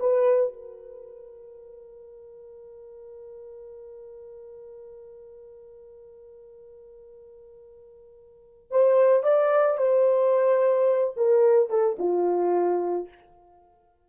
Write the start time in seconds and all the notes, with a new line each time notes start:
0.00 B4
0.54 A#4
8.71 C5
9.24 D5
9.78 C5
11.17 A#4
11.70 A4
12.00 F4